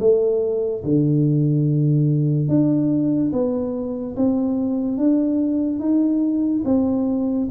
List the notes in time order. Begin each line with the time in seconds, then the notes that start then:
0.00 A3
0.84 D3
2.48 D4
3.33 B3
4.16 C4
4.98 D4
5.80 D#4
6.65 C4